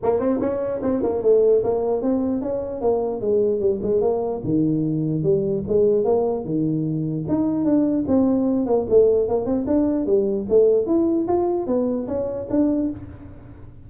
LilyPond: \new Staff \with { instrumentName = "tuba" } { \time 4/4 \tempo 4 = 149 ais8 c'8 cis'4 c'8 ais8 a4 | ais4 c'4 cis'4 ais4 | gis4 g8 gis8 ais4 dis4~ | dis4 g4 gis4 ais4 |
dis2 dis'4 d'4 | c'4. ais8 a4 ais8 c'8 | d'4 g4 a4 e'4 | f'4 b4 cis'4 d'4 | }